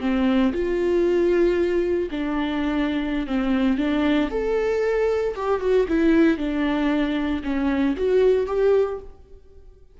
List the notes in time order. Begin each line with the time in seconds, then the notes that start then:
0.00 C4
0.53 F4
2.11 D4
3.27 C4
3.77 D4
4.30 A4
5.35 G4
5.60 F#4
5.88 E4
6.37 D4
7.43 C#4
7.96 F#4
8.46 G4